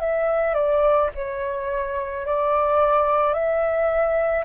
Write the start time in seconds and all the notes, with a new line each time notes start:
0.00 E5
0.54 D5
1.15 C#5
2.26 D5
3.34 E5